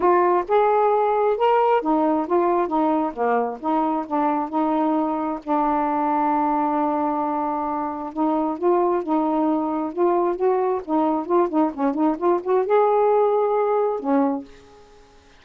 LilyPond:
\new Staff \with { instrumentName = "saxophone" } { \time 4/4 \tempo 4 = 133 f'4 gis'2 ais'4 | dis'4 f'4 dis'4 ais4 | dis'4 d'4 dis'2 | d'1~ |
d'2 dis'4 f'4 | dis'2 f'4 fis'4 | dis'4 f'8 dis'8 cis'8 dis'8 f'8 fis'8 | gis'2. cis'4 | }